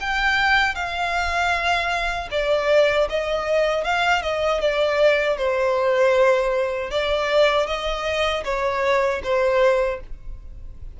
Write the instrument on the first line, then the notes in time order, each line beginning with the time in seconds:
violin
0.00 G5
0.74 F5
2.31 D5
3.09 D#5
3.84 F5
4.22 D#5
4.60 D5
5.37 C5
6.91 D5
7.66 D#5
8.44 C#5
9.23 C5